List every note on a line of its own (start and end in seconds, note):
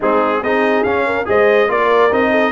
0.00 0.42 G#3
0.00 0.43 C4
0.00 0.41 D#4
0.00 0.43 G#4
0.42 0.84 C4
0.42 0.86 D#4
0.42 1.06 G#4
0.42 0.83 D#5
0.83 1.26 C#4
0.83 1.25 C#4
0.83 1.25 F5
1.06 1.27 A#4
1.25 1.68 G#3
1.25 1.67 G#4
1.25 1.71 C5
1.25 1.70 D#5
1.68 2.11 A#3
1.68 2.10 F4
1.68 2.30 A#4
1.68 2.13 D5
2.11 2.52 C4
2.11 2.52 D#4
2.11 2.52 D#5
2.30 2.52 A4